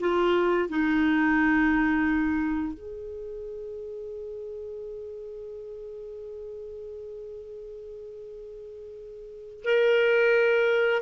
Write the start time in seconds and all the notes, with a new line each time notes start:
0.00 F4
0.69 D#4
2.74 G#4
9.64 A#4